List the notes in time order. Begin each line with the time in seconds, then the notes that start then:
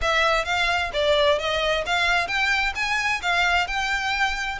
0.01 E5
0.45 F5
0.93 D5
1.38 D#5
1.85 F5
2.27 G5
2.75 G#5
3.22 F5
3.67 G5